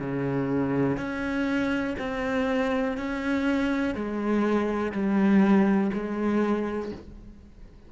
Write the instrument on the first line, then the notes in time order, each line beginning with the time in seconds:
cello
0.00 C#3
0.97 C#4
1.99 C4
2.97 C#4
3.95 G#3
4.92 G3
5.93 G#3